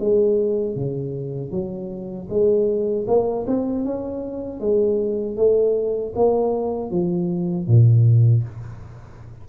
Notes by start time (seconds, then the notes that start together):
0.00 G#3
0.76 C#3
1.51 F#3
2.30 G#3
3.08 A#3
3.47 C4
3.85 C#4
4.60 G#3
5.37 A3
6.16 A#3
6.91 F3
7.67 A#2